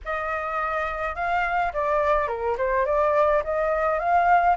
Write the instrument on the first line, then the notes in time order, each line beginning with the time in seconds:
flute
0.04 D#5
1.15 F5
1.73 D5
2.27 A#4
2.57 C5
2.85 D5
3.44 D#5
3.99 F5